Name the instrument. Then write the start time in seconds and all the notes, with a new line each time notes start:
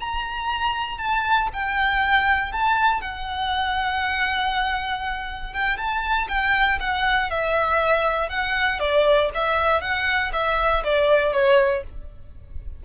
violin
0.00 A#5
0.98 A5
1.53 G5
2.52 A5
3.01 F#5
5.53 G5
5.78 A5
6.28 G5
6.80 F#5
7.31 E5
8.29 F#5
8.80 D5
9.34 E5
9.81 F#5
10.33 E5
10.84 D5
11.33 C#5